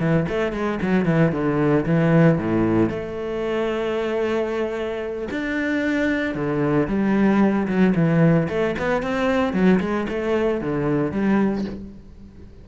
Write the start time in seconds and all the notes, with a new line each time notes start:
0.00 E3
0.29 A3
0.53 G#3
0.82 F#3
1.06 E3
1.33 D3
1.86 E3
2.39 A2
2.90 A3
5.31 D4
6.35 D3
6.88 G3
7.68 F#3
7.95 E3
8.49 A3
8.79 B3
9.03 C4
9.54 F#3
9.81 G#3
10.09 A3
10.61 D3
11.12 G3